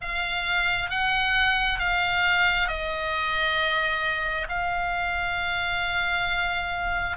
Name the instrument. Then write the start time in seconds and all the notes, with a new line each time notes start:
oboe
0.01 F5
0.90 F#5
1.79 F5
2.67 D#5
4.48 F5